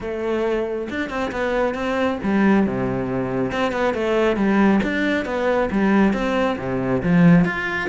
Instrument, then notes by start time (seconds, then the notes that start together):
cello
0.01 A3
0.90 D4
1.09 C4
1.31 B3
1.74 C4
2.23 G3
2.66 C3
3.51 C4
3.72 B3
3.94 A3
4.36 G3
4.83 D4
5.25 B3
5.71 G3
6.13 C4
6.58 C3
7.03 F3
7.45 F4